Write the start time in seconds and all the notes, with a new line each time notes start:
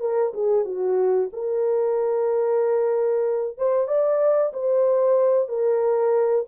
0.00 A#4
0.34 G#4
0.65 F#4
1.33 A#4
3.58 C5
3.88 D5
4.53 C5
5.48 A#4